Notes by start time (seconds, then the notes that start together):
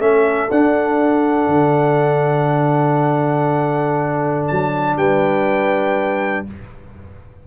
0.00 A3 C#4 A4 E5
0.51 D4 F#5
1.48 D3
4.48 F#3 A5
4.97 G3 B4 G5